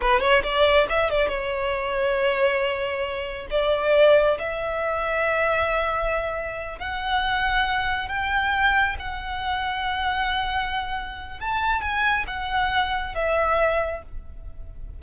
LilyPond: \new Staff \with { instrumentName = "violin" } { \time 4/4 \tempo 4 = 137 b'8 cis''8 d''4 e''8 d''8 cis''4~ | cis''1 | d''2 e''2~ | e''2.~ e''8 fis''8~ |
fis''2~ fis''8 g''4.~ | g''8 fis''2.~ fis''8~ | fis''2 a''4 gis''4 | fis''2 e''2 | }